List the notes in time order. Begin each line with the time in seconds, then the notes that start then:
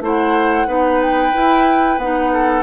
0.00 A3 E4 C5 F#5
0.66 B3 D#4 B4
1.02 G5
1.32 E4
1.97 B3 D#4 F#5
2.32 A4